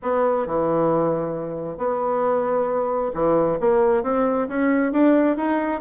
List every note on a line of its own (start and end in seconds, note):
0.02 0.46 B3
0.46 1.77 E3
1.77 3.11 B3
3.14 3.58 E3
3.59 4.03 A#3
4.03 4.48 C4
4.48 4.92 C#4
4.92 5.36 D4
5.36 5.81 D#4